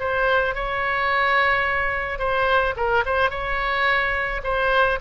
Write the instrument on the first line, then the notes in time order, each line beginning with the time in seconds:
oboe
0.00 C5
0.55 C#5
2.19 C5
2.77 A#4
3.06 C5
3.31 C#5
4.44 C5